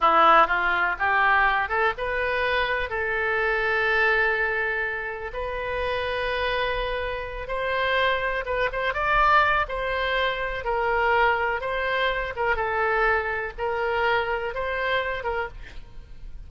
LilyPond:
\new Staff \with { instrumentName = "oboe" } { \time 4/4 \tempo 4 = 124 e'4 f'4 g'4. a'8 | b'2 a'2~ | a'2. b'4~ | b'2.~ b'8 c''8~ |
c''4. b'8 c''8 d''4. | c''2 ais'2 | c''4. ais'8 a'2 | ais'2 c''4. ais'8 | }